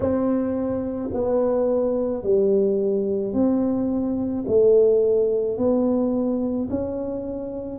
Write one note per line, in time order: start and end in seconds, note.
0.00 1.10 C4
1.13 2.23 B3
2.23 3.33 G3
3.33 4.44 C4
4.47 5.57 A3
5.57 6.68 B3
6.69 7.79 C#4